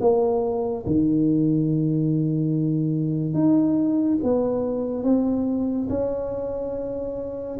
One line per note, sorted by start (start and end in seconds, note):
0.00 0.85 A#3
0.86 3.33 D#3
3.33 4.18 D#4
4.23 5.03 B3
5.03 5.87 C4
5.89 7.58 C#4